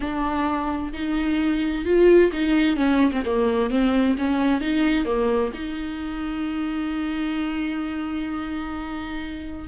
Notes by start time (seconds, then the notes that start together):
0.00 D4
0.93 D#4
1.85 F4
2.32 D#4
2.76 C#4
3.12 C4
3.25 A#3
3.70 C4
4.18 C#4
4.60 D#4
5.05 A#3
5.53 D#4